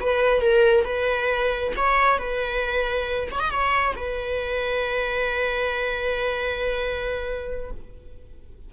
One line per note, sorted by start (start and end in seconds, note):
0.00 0.41 B4
0.41 0.84 A#4
0.84 1.72 B4
1.76 2.18 C#5
2.18 3.28 B4
3.31 3.40 C#5
3.40 3.51 D#5
3.51 3.95 C#5
3.96 7.71 B4